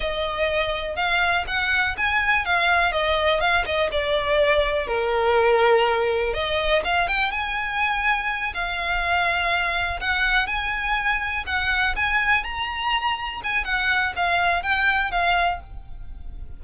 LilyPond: \new Staff \with { instrumentName = "violin" } { \time 4/4 \tempo 4 = 123 dis''2 f''4 fis''4 | gis''4 f''4 dis''4 f''8 dis''8 | d''2 ais'2~ | ais'4 dis''4 f''8 g''8 gis''4~ |
gis''4. f''2~ f''8~ | f''8 fis''4 gis''2 fis''8~ | fis''8 gis''4 ais''2 gis''8 | fis''4 f''4 g''4 f''4 | }